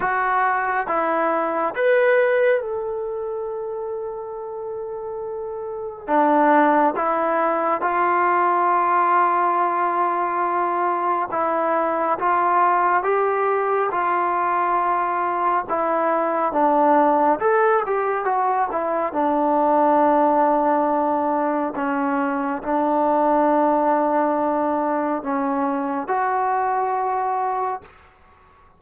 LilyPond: \new Staff \with { instrumentName = "trombone" } { \time 4/4 \tempo 4 = 69 fis'4 e'4 b'4 a'4~ | a'2. d'4 | e'4 f'2.~ | f'4 e'4 f'4 g'4 |
f'2 e'4 d'4 | a'8 g'8 fis'8 e'8 d'2~ | d'4 cis'4 d'2~ | d'4 cis'4 fis'2 | }